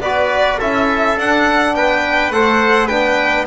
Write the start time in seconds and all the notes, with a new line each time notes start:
0.00 B3 F#4 B4 D5
0.58 C#4 E4 A4 E5
1.16 D4 F#5
1.73 B3 B4 G5
2.30 A3 A4 C5 F#5
2.87 B3 D4 B4 G5